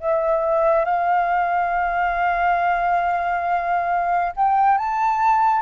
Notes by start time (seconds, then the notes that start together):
0.00 E5
0.85 F5
4.36 G5
4.77 A5